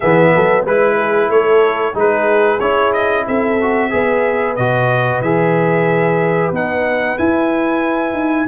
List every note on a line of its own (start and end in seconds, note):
0.00 0.35 E3
0.00 0.67 B3
0.00 0.32 G#4
0.00 0.65 E5
0.35 0.65 F#3
0.35 0.64 A4
0.64 1.29 G#3
0.64 1.94 E4
0.64 0.96 B4
0.64 1.31 B4
0.97 1.30 G#4
1.29 1.94 A3
1.29 1.94 A4
1.29 1.96 C#5
1.94 2.60 G#3
1.94 2.59 D#4
1.94 3.24 G#4
1.94 2.59 B4
2.59 3.26 C#4
2.59 3.58 E4
2.59 2.92 C#5
2.92 3.25 D#5
3.25 3.92 C4
3.25 3.91 A4
3.25 4.56 E5
3.61 3.90 F#4
3.90 4.58 B3
3.90 4.55 G#4
3.90 8.47 B4
4.56 5.21 B2
4.56 5.23 F#4
4.56 5.21 D#5
5.21 6.51 E3
5.21 6.54 G#4
5.21 6.52 E5
6.51 7.17 B3
6.51 7.18 D#4
6.51 7.18 F#5
7.18 8.47 E4
7.18 8.13 E4
7.18 8.47 G#5
8.13 8.45 D#4